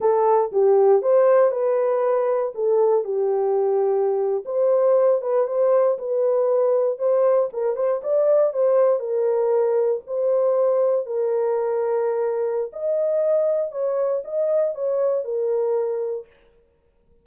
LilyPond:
\new Staff \with { instrumentName = "horn" } { \time 4/4 \tempo 4 = 118 a'4 g'4 c''4 b'4~ | b'4 a'4 g'2~ | g'8. c''4. b'8 c''4 b'16~ | b'4.~ b'16 c''4 ais'8 c''8 d''16~ |
d''8. c''4 ais'2 c''16~ | c''4.~ c''16 ais'2~ ais'16~ | ais'4 dis''2 cis''4 | dis''4 cis''4 ais'2 | }